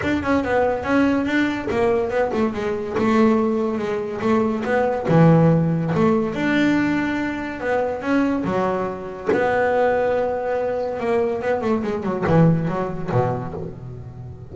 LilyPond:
\new Staff \with { instrumentName = "double bass" } { \time 4/4 \tempo 4 = 142 d'8 cis'8 b4 cis'4 d'4 | ais4 b8 a8 gis4 a4~ | a4 gis4 a4 b4 | e2 a4 d'4~ |
d'2 b4 cis'4 | fis2 b2~ | b2 ais4 b8 a8 | gis8 fis8 e4 fis4 b,4 | }